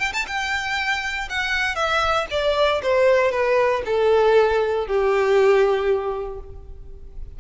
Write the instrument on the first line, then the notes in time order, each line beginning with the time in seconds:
violin
0.00 G5
0.13 A5
0.27 G5
1.29 F#5
1.76 E5
2.31 D5
2.83 C5
3.32 B4
3.86 A4
4.87 G4